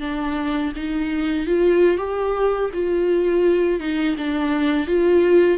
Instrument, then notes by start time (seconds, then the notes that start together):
viola
0.00 D4
0.76 D#4
1.47 F4
1.97 G4
2.73 F4
3.80 D#4
4.17 D4
4.87 F4